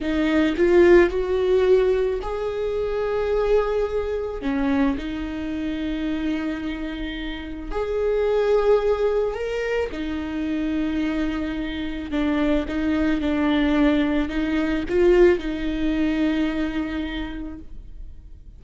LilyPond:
\new Staff \with { instrumentName = "viola" } { \time 4/4 \tempo 4 = 109 dis'4 f'4 fis'2 | gis'1 | cis'4 dis'2.~ | dis'2 gis'2~ |
gis'4 ais'4 dis'2~ | dis'2 d'4 dis'4 | d'2 dis'4 f'4 | dis'1 | }